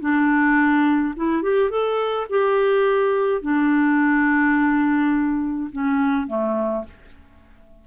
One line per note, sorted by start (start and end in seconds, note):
0.00 1.14 D4
1.16 1.42 E4
1.42 1.70 G4
1.70 2.27 A4
2.29 3.42 G4
3.42 5.70 D4
5.72 6.27 C#4
6.27 6.84 A3